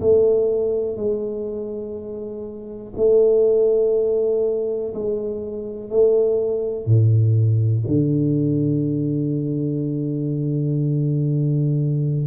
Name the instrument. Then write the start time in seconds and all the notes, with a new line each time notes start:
tuba
0.00 A3
0.97 G#3
2.96 A3
4.94 G#3
5.90 A3
6.86 A2
7.87 D3